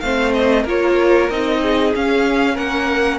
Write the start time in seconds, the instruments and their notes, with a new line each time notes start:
0.00 cello A3, viola C4, violin C5 F5
0.33 violin D#5
0.63 cello A#3, viola F4, violin A#4 C#5
1.29 cello C4, viola D#4, violin D#5
1.62 violin G#4
1.95 viola C#4, cello C#4, violin F5
2.54 cello A#3, violin A#4 F#5